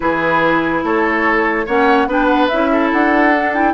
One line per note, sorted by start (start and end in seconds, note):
0.00 0.83 E3
0.00 1.66 E4
0.00 0.84 G#4
0.00 0.82 B4
0.83 1.67 A3
0.83 1.66 A4
0.83 1.67 C#5
1.66 2.07 A#3
1.66 2.07 C#4
1.66 2.07 C#5
1.66 2.08 F#5
2.07 2.48 B3
2.07 2.49 D4
2.07 2.71 B4
2.07 2.26 G5
2.26 2.47 F#5
2.48 2.93 C#4
2.48 3.33 E4
2.48 2.89 E5
2.71 3.73 A4
2.92 3.73 D4
2.92 3.53 F#5
3.33 3.54 D4
3.53 3.73 E4
3.53 3.73 G5